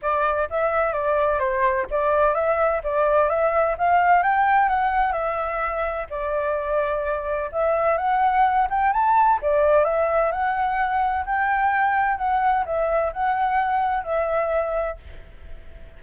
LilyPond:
\new Staff \with { instrumentName = "flute" } { \time 4/4 \tempo 4 = 128 d''4 e''4 d''4 c''4 | d''4 e''4 d''4 e''4 | f''4 g''4 fis''4 e''4~ | e''4 d''2. |
e''4 fis''4. g''8 a''4 | d''4 e''4 fis''2 | g''2 fis''4 e''4 | fis''2 e''2 | }